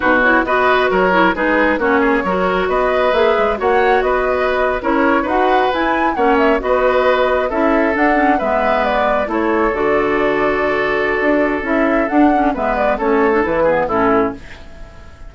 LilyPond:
<<
  \new Staff \with { instrumentName = "flute" } { \time 4/4 \tempo 4 = 134 b'8 cis''8 dis''4 cis''4 b'4 | cis''2 dis''4 e''4 | fis''4 dis''4.~ dis''16 cis''4 fis''16~ | fis''8. gis''4 fis''8 e''8 dis''4~ dis''16~ |
dis''8. e''4 fis''4 e''4 d''16~ | d''8. cis''4 d''2~ d''16~ | d''2 e''4 fis''4 | e''8 d''8 cis''4 b'4 a'4 | }
  \new Staff \with { instrumentName = "oboe" } { \time 4/4 fis'4 b'4 ais'4 gis'4 | fis'8 gis'8 ais'4 b'2 | cis''4 b'4.~ b'16 ais'4 b'16~ | b'4.~ b'16 cis''4 b'4~ b'16~ |
b'8. a'2 b'4~ b'16~ | b'8. a'2.~ a'16~ | a'1 | b'4 a'4. gis'8 e'4 | }
  \new Staff \with { instrumentName = "clarinet" } { \time 4/4 dis'8 e'8 fis'4. e'8 dis'4 | cis'4 fis'2 gis'4 | fis'2~ fis'8. e'4 fis'16~ | fis'8. e'4 cis'4 fis'4~ fis'16~ |
fis'8. e'4 d'8 cis'8 b4~ b16~ | b8. e'4 fis'2~ fis'16~ | fis'2 e'4 d'8 cis'8 | b4 cis'8. d'16 e'8 b8 cis'4 | }
  \new Staff \with { instrumentName = "bassoon" } { \time 4/4 b,4 b4 fis4 gis4 | ais4 fis4 b4 ais8 gis8 | ais4 b4.~ b16 cis'4 dis'16~ | dis'8. e'4 ais4 b4~ b16~ |
b8. cis'4 d'4 gis4~ gis16~ | gis8. a4 d2~ d16~ | d4 d'4 cis'4 d'4 | gis4 a4 e4 a,4 | }
>>